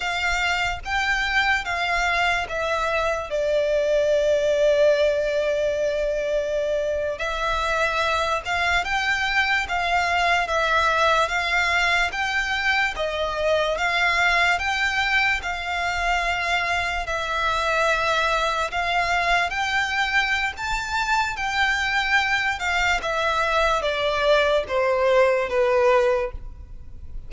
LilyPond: \new Staff \with { instrumentName = "violin" } { \time 4/4 \tempo 4 = 73 f''4 g''4 f''4 e''4 | d''1~ | d''8. e''4. f''8 g''4 f''16~ | f''8. e''4 f''4 g''4 dis''16~ |
dis''8. f''4 g''4 f''4~ f''16~ | f''8. e''2 f''4 g''16~ | g''4 a''4 g''4. f''8 | e''4 d''4 c''4 b'4 | }